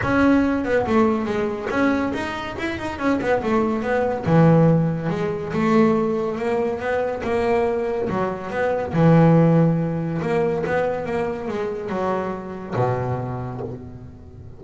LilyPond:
\new Staff \with { instrumentName = "double bass" } { \time 4/4 \tempo 4 = 141 cis'4. b8 a4 gis4 | cis'4 dis'4 e'8 dis'8 cis'8 b8 | a4 b4 e2 | gis4 a2 ais4 |
b4 ais2 fis4 | b4 e2. | ais4 b4 ais4 gis4 | fis2 b,2 | }